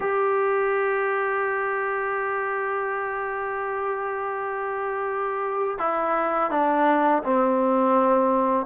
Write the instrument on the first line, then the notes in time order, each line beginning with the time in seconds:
trombone
0.00 G4
5.78 E4
6.50 D4
7.23 C4